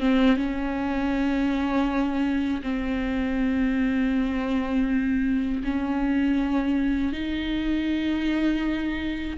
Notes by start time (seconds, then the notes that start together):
0.00 C4
0.37 C#4
2.62 C4
5.64 C#4
7.12 D#4